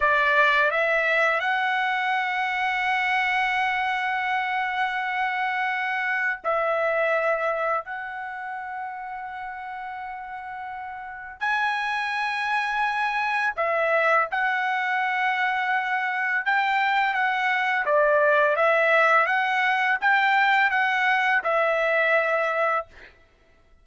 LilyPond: \new Staff \with { instrumentName = "trumpet" } { \time 4/4 \tempo 4 = 84 d''4 e''4 fis''2~ | fis''1~ | fis''4 e''2 fis''4~ | fis''1 |
gis''2. e''4 | fis''2. g''4 | fis''4 d''4 e''4 fis''4 | g''4 fis''4 e''2 | }